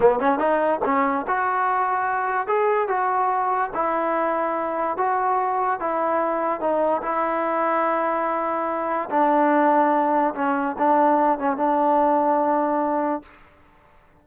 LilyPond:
\new Staff \with { instrumentName = "trombone" } { \time 4/4 \tempo 4 = 145 b8 cis'8 dis'4 cis'4 fis'4~ | fis'2 gis'4 fis'4~ | fis'4 e'2. | fis'2 e'2 |
dis'4 e'2.~ | e'2 d'2~ | d'4 cis'4 d'4. cis'8 | d'1 | }